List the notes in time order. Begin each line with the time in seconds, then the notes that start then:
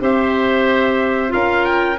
0.00 C4 G4 C5 E5
1.29 C#4 F4 A#4 F5
1.65 G5